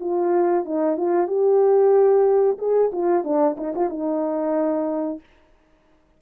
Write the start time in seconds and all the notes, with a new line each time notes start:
0.00 F4
0.65 D#4
0.96 F4
1.27 G4
2.58 G#4
2.92 F4
3.23 D4
3.57 D#4
3.75 F4
3.89 D#4